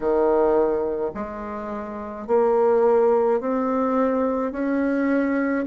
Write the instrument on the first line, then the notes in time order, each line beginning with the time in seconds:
bassoon
0.00 D#3
1.14 G#3
2.27 A#3
3.40 C4
4.52 C#4